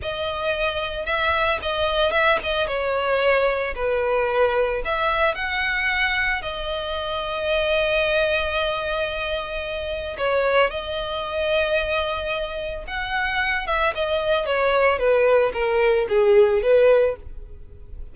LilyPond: \new Staff \with { instrumentName = "violin" } { \time 4/4 \tempo 4 = 112 dis''2 e''4 dis''4 | e''8 dis''8 cis''2 b'4~ | b'4 e''4 fis''2 | dis''1~ |
dis''2. cis''4 | dis''1 | fis''4. e''8 dis''4 cis''4 | b'4 ais'4 gis'4 b'4 | }